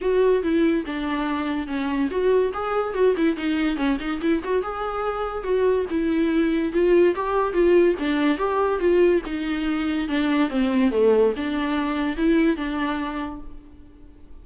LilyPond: \new Staff \with { instrumentName = "viola" } { \time 4/4 \tempo 4 = 143 fis'4 e'4 d'2 | cis'4 fis'4 gis'4 fis'8 e'8 | dis'4 cis'8 dis'8 e'8 fis'8 gis'4~ | gis'4 fis'4 e'2 |
f'4 g'4 f'4 d'4 | g'4 f'4 dis'2 | d'4 c'4 a4 d'4~ | d'4 e'4 d'2 | }